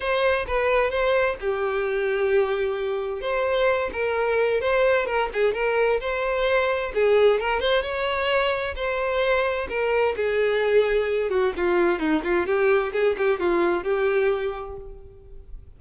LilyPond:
\new Staff \with { instrumentName = "violin" } { \time 4/4 \tempo 4 = 130 c''4 b'4 c''4 g'4~ | g'2. c''4~ | c''8 ais'4. c''4 ais'8 gis'8 | ais'4 c''2 gis'4 |
ais'8 c''8 cis''2 c''4~ | c''4 ais'4 gis'2~ | gis'8 fis'8 f'4 dis'8 f'8 g'4 | gis'8 g'8 f'4 g'2 | }